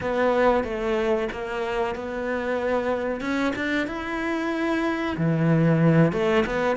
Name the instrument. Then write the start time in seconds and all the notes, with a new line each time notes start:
cello
0.00 B3
0.64 A3
1.32 A#3
1.95 B3
3.21 C#4
3.55 D4
3.87 E4
5.17 E3
6.12 A3
6.46 B3